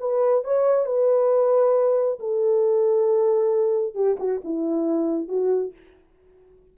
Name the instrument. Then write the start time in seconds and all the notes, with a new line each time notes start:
horn
0.00 B4
0.44 C#5
0.86 B4
2.19 A4
3.95 G4
4.19 F#4
4.44 E4
5.28 F#4